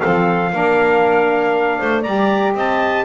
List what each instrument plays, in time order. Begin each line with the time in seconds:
0.00 double bass F3, saxophone C4, clarinet A4, trumpet F5
0.52 double bass A#3, saxophone D4, clarinet A#4
1.79 double bass A3, clarinet C5
2.02 double bass G3, saxophone G4, clarinet D5, trumpet A#5
2.55 double bass C4, clarinet D#5, trumpet A5